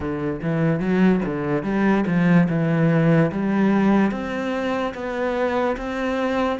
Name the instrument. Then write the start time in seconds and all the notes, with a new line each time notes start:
cello
0.00 D3
0.42 E3
0.80 F#3
1.25 D3
1.63 G3
2.07 F3
2.49 E3
3.31 G3
4.11 C4
4.94 B3
5.76 C4